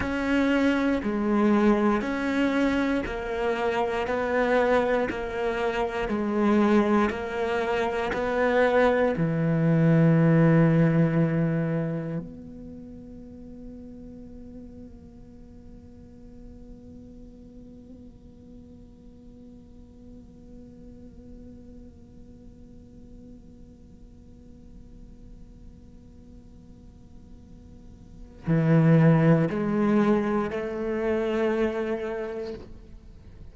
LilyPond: \new Staff \with { instrumentName = "cello" } { \time 4/4 \tempo 4 = 59 cis'4 gis4 cis'4 ais4 | b4 ais4 gis4 ais4 | b4 e2. | b1~ |
b1~ | b1~ | b1 | e4 gis4 a2 | }